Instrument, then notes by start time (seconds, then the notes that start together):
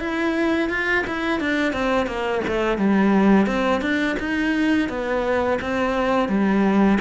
cello
0.00 E4
0.70 F4
1.07 E4
1.40 D4
1.73 C4
2.07 A#3
2.48 A3
2.78 G3
3.47 C4
3.82 D4
4.20 D#4
4.89 B3
5.62 C4
6.29 G3